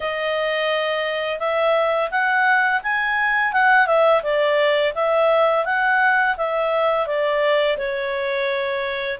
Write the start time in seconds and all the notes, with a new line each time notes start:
0.00 D#5
1.39 E5
2.10 F#5
2.82 G#5
3.52 F#5
3.86 E5
4.22 D5
4.94 E5
5.65 F#5
6.37 E5
7.06 D5
7.77 C#5